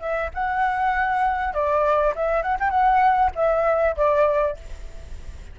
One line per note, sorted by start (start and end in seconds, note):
0.00 0.30 E5
0.34 1.54 F#5
1.54 2.14 D5
2.15 2.42 E5
2.42 2.58 F#5
2.60 2.70 G5
2.70 3.31 F#5
3.36 3.96 E5
3.96 4.57 D5